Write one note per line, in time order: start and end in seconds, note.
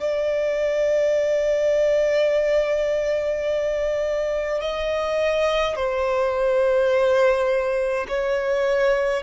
0.00 4.62 D5
4.62 5.76 D#5
5.76 8.07 C5
8.09 9.23 C#5